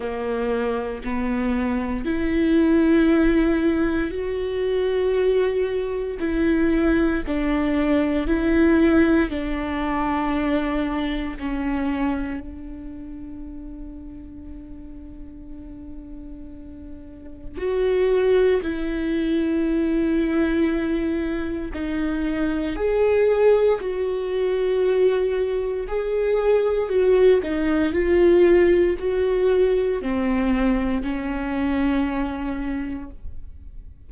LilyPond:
\new Staff \with { instrumentName = "viola" } { \time 4/4 \tempo 4 = 58 ais4 b4 e'2 | fis'2 e'4 d'4 | e'4 d'2 cis'4 | d'1~ |
d'4 fis'4 e'2~ | e'4 dis'4 gis'4 fis'4~ | fis'4 gis'4 fis'8 dis'8 f'4 | fis'4 c'4 cis'2 | }